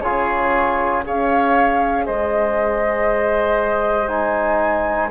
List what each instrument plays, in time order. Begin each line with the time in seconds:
0.00 bassoon C#3, trombone F4, oboe G#4, flute C#5
1.04 bassoon C#4, trombone G#4, oboe C#5, flute F5
2.05 bassoon G#3, oboe C5, flute D#5
4.08 trombone D#4, flute G#5